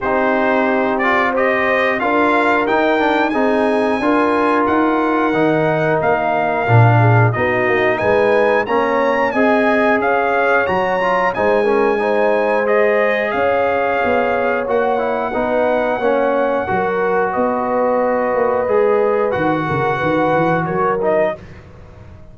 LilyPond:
<<
  \new Staff \with { instrumentName = "trumpet" } { \time 4/4 \tempo 4 = 90 c''4. d''8 dis''4 f''4 | g''4 gis''2 fis''4~ | fis''4 f''2 dis''4 | gis''4 ais''4 gis''4 f''4 |
ais''4 gis''2 dis''4 | f''2 fis''2~ | fis''2 dis''2~ | dis''4 fis''2 cis''8 dis''8 | }
  \new Staff \with { instrumentName = "horn" } { \time 4/4 g'2 c''4 ais'4~ | ais'4 gis'4 ais'2~ | ais'2~ ais'8 gis'8 fis'4 | b'4 cis''4 dis''4 cis''4~ |
cis''4 c''8 ais'8 c''2 | cis''2. b'4 | cis''4 ais'4 b'2~ | b'4. ais'8 b'4 ais'4 | }
  \new Staff \with { instrumentName = "trombone" } { \time 4/4 dis'4. f'8 g'4 f'4 | dis'8 d'8 dis'4 f'2 | dis'2 d'4 dis'4~ | dis'4 cis'4 gis'2 |
fis'8 f'8 dis'8 cis'8 dis'4 gis'4~ | gis'2 fis'8 e'8 dis'4 | cis'4 fis'2. | gis'4 fis'2~ fis'8 dis'8 | }
  \new Staff \with { instrumentName = "tuba" } { \time 4/4 c'2. d'4 | dis'4 c'4 d'4 dis'4 | dis4 ais4 ais,4 b8 ais8 | gis4 ais4 c'4 cis'4 |
fis4 gis2. | cis'4 b4 ais4 b4 | ais4 fis4 b4. ais8 | gis4 dis8 cis8 dis8 e8 fis4 | }
>>